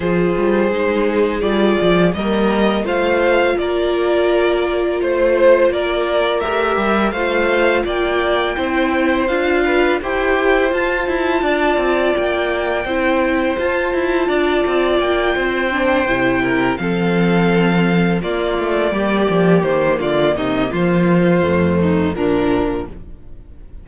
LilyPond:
<<
  \new Staff \with { instrumentName = "violin" } { \time 4/4 \tempo 4 = 84 c''2 d''4 dis''4 | f''4 d''2 c''4 | d''4 e''4 f''4 g''4~ | g''4 f''4 g''4 a''4~ |
a''4 g''2 a''4~ | a''4 g''2~ g''8 f''8~ | f''4. d''2 c''8 | d''8 dis''8 c''2 ais'4 | }
  \new Staff \with { instrumentName = "violin" } { \time 4/4 gis'2. ais'4 | c''4 ais'2 c''4 | ais'2 c''4 d''4 | c''4. b'8 c''2 |
d''2 c''2 | d''4. c''4. ais'8 a'8~ | a'4. f'4 g'4. | f'8 dis'8 f'4. dis'8 d'4 | }
  \new Staff \with { instrumentName = "viola" } { \time 4/4 f'4 dis'4 f'4 ais4 | f'1~ | f'4 g'4 f'2 | e'4 f'4 g'4 f'4~ |
f'2 e'4 f'4~ | f'2 d'8 e'4 c'8~ | c'4. ais2~ ais8~ | ais2 a4 f4 | }
  \new Staff \with { instrumentName = "cello" } { \time 4/4 f8 g8 gis4 g8 f8 g4 | a4 ais2 a4 | ais4 a8 g8 a4 ais4 | c'4 d'4 e'4 f'8 e'8 |
d'8 c'8 ais4 c'4 f'8 e'8 | d'8 c'8 ais8 c'4 c4 f8~ | f4. ais8 a8 g8 f8 dis8 | d8 c8 f4 f,4 ais,4 | }
>>